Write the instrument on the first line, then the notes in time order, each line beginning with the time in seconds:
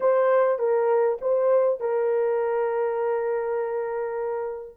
horn
0.00 C5
0.58 A#4
1.21 C5
1.80 A#4